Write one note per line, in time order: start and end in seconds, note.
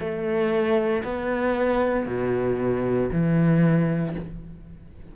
0.00 1.03 A3
1.03 2.06 B3
2.06 3.10 B2
3.12 4.15 E3